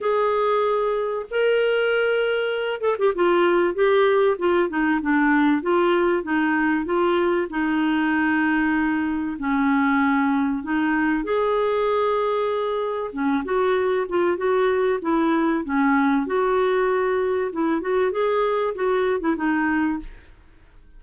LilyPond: \new Staff \with { instrumentName = "clarinet" } { \time 4/4 \tempo 4 = 96 gis'2 ais'2~ | ais'8 a'16 g'16 f'4 g'4 f'8 dis'8 | d'4 f'4 dis'4 f'4 | dis'2. cis'4~ |
cis'4 dis'4 gis'2~ | gis'4 cis'8 fis'4 f'8 fis'4 | e'4 cis'4 fis'2 | e'8 fis'8 gis'4 fis'8. e'16 dis'4 | }